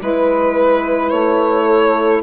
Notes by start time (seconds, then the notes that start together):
0.00 G#3 E4 B4
1.09 A3 C#5
1.66 A4